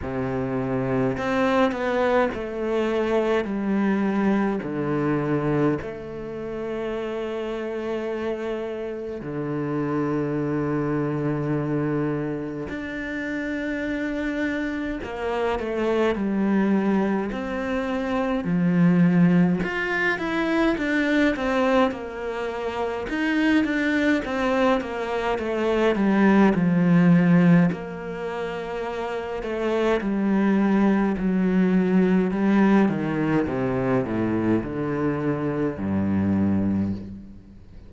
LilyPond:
\new Staff \with { instrumentName = "cello" } { \time 4/4 \tempo 4 = 52 c4 c'8 b8 a4 g4 | d4 a2. | d2. d'4~ | d'4 ais8 a8 g4 c'4 |
f4 f'8 e'8 d'8 c'8 ais4 | dis'8 d'8 c'8 ais8 a8 g8 f4 | ais4. a8 g4 fis4 | g8 dis8 c8 a,8 d4 g,4 | }